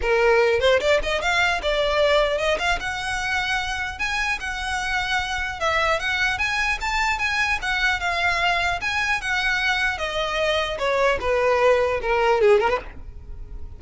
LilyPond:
\new Staff \with { instrumentName = "violin" } { \time 4/4 \tempo 4 = 150 ais'4. c''8 d''8 dis''8 f''4 | d''2 dis''8 f''8 fis''4~ | fis''2 gis''4 fis''4~ | fis''2 e''4 fis''4 |
gis''4 a''4 gis''4 fis''4 | f''2 gis''4 fis''4~ | fis''4 dis''2 cis''4 | b'2 ais'4 gis'8 ais'16 b'16 | }